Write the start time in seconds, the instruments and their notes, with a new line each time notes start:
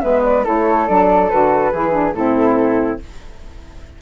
0.00 bassoon G#3, saxophone B3, flute B4 E5
0.23 flute D5
0.45 bassoon A3, saxophone E4, flute A4 C#5
0.87 bassoon F#3, saxophone D4, flute D5
1.30 bassoon D3, saxophone F#4, flute B4
1.72 bassoon E3, saxophone E4, flute G#4
1.92 saxophone D4
2.13 bassoon A2, saxophone C4, flute E4 A4